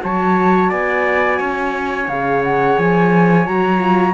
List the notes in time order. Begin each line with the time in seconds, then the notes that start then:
0.00 F#3 F#4 C#5 A5
0.69 B3 D5 G#5
1.39 C#4 C#5
2.08 C#3 G#4 F5
2.43 F#5
2.78 F3 G#5
3.46 F#3 F#4 A#5
3.79 F4